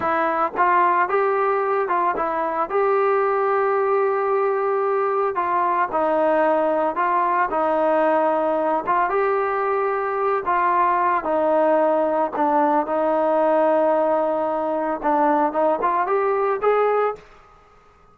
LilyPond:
\new Staff \with { instrumentName = "trombone" } { \time 4/4 \tempo 4 = 112 e'4 f'4 g'4. f'8 | e'4 g'2.~ | g'2 f'4 dis'4~ | dis'4 f'4 dis'2~ |
dis'8 f'8 g'2~ g'8 f'8~ | f'4 dis'2 d'4 | dis'1 | d'4 dis'8 f'8 g'4 gis'4 | }